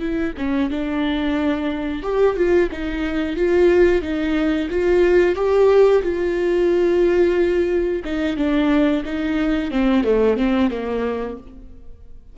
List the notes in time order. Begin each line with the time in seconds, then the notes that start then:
0.00 E4
0.38 C#4
0.70 D4
2.03 G4
2.36 F4
2.72 D#4
3.36 F4
4.02 D#4
4.71 F4
5.36 G4
6.03 F4
8.05 D#4
8.37 D4
9.05 D#4
9.71 C4
10.04 A3
10.37 C4
10.71 A#3